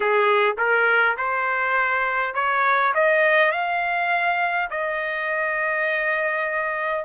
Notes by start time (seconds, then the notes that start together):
0.00 G#4
0.57 A#4
1.17 C5
2.34 C#5
2.94 D#5
3.51 F5
4.70 D#5